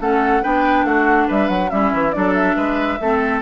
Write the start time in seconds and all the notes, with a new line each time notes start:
0.00 A3 C#4 A4 F#5
0.43 B3 D4 B4 G5
0.85 A3 F#4 F#5
1.28 G3 B4 E5
1.49 F#3 F#5
1.70 G3 C#4 E4 E5
1.93 E3
2.12 F#3 D4 A4 D5
2.34 E5
2.56 G#3 B4
3.00 A3 C4 A4